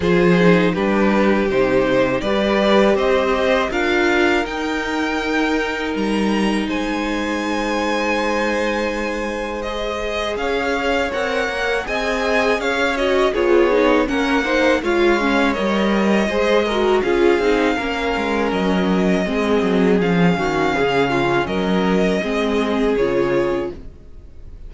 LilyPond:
<<
  \new Staff \with { instrumentName = "violin" } { \time 4/4 \tempo 4 = 81 c''4 b'4 c''4 d''4 | dis''4 f''4 g''2 | ais''4 gis''2.~ | gis''4 dis''4 f''4 fis''4 |
gis''4 f''8 dis''8 cis''4 fis''4 | f''4 dis''2 f''4~ | f''4 dis''2 f''4~ | f''4 dis''2 cis''4 | }
  \new Staff \with { instrumentName = "violin" } { \time 4/4 gis'4 g'2 b'4 | c''4 ais'2.~ | ais'4 c''2.~ | c''2 cis''2 |
dis''4 cis''4 gis'4 ais'8 c''8 | cis''2 c''8 ais'8 gis'4 | ais'2 gis'4. fis'8 | gis'8 f'8 ais'4 gis'2 | }
  \new Staff \with { instrumentName = "viola" } { \time 4/4 f'8 dis'8 d'4 dis'4 g'4~ | g'4 f'4 dis'2~ | dis'1~ | dis'4 gis'2 ais'4 |
gis'4. fis'8 f'8 dis'8 cis'8 dis'8 | f'8 cis'8 ais'4 gis'8 fis'8 f'8 dis'8 | cis'2 c'4 cis'4~ | cis'2 c'4 f'4 | }
  \new Staff \with { instrumentName = "cello" } { \time 4/4 f4 g4 c4 g4 | c'4 d'4 dis'2 | g4 gis2.~ | gis2 cis'4 c'8 ais8 |
c'4 cis'4 b4 ais4 | gis4 g4 gis4 cis'8 c'8 | ais8 gis8 fis4 gis8 fis8 f8 dis8 | cis4 fis4 gis4 cis4 | }
>>